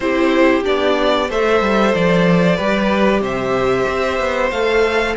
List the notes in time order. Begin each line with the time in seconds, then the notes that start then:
0.00 C4 E4 G4 C5
0.63 B3 D4 D5
1.29 A3 A4 C5 E5
1.60 G3
1.94 F3 D5
2.56 G3 G4 B4
3.20 C3 C5 E5
3.87 C4
4.19 B3
4.51 A3 A4 F5